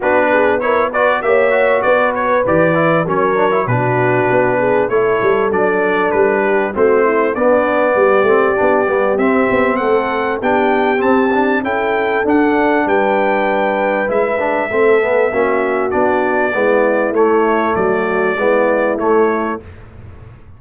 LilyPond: <<
  \new Staff \with { instrumentName = "trumpet" } { \time 4/4 \tempo 4 = 98 b'4 cis''8 d''8 e''4 d''8 cis''8 | d''4 cis''4 b'2 | cis''4 d''4 b'4 c''4 | d''2. e''4 |
fis''4 g''4 a''4 g''4 | fis''4 g''2 e''4~ | e''2 d''2 | cis''4 d''2 cis''4 | }
  \new Staff \with { instrumentName = "horn" } { \time 4/4 fis'8 gis'8 ais'8 b'8 cis''4 b'4~ | b'4 ais'4 fis'4. gis'8 | a'2~ a'8 g'8 fis'8 e'8 | d'4 g'2. |
a'4 g'2 a'4~ | a'4 b'2. | a'4 fis'2 e'4~ | e'4 fis'4 e'2 | }
  \new Staff \with { instrumentName = "trombone" } { \time 4/4 d'4 e'8 fis'8 g'8 fis'4. | g'8 e'8 cis'8 d'16 e'16 d'2 | e'4 d'2 c'4 | b4. c'8 d'8 b8 c'4~ |
c'4 d'4 c'8 d'8 e'4 | d'2. e'8 d'8 | c'8 b8 cis'4 d'4 b4 | a2 b4 a4 | }
  \new Staff \with { instrumentName = "tuba" } { \time 4/4 b2 ais4 b4 | e4 fis4 b,4 b4 | a8 g8 fis4 g4 a4 | b4 g8 a8 b8 g8 c'8 b8 |
a4 b4 c'4 cis'4 | d'4 g2 gis4 | a4 ais4 b4 gis4 | a4 fis4 gis4 a4 | }
>>